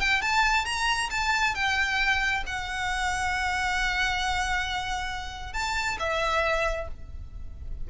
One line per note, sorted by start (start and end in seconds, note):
0.00 0.22 G5
0.22 0.65 A5
0.65 1.10 A#5
1.11 1.55 A5
1.55 2.44 G5
2.47 5.53 F#5
5.53 5.98 A5
5.99 6.88 E5